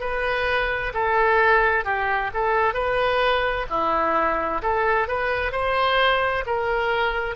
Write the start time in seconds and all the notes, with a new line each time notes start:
0.00 B4
0.94 A4
1.84 G4
2.34 A4
2.74 B4
3.69 E4
4.62 A4
5.07 B4
5.51 C5
6.46 A#4